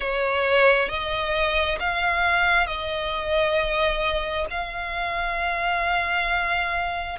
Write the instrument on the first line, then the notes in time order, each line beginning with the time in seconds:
violin
0.00 C#5
0.88 D#5
1.79 F5
2.66 D#5
4.50 F5